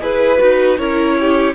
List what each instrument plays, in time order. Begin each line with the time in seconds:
0.00 cello E4, viola G#4, violin B4
0.38 cello D#4, viola F#4
0.77 cello C#4, viola E4, violin A#4 C#5
1.20 violin G4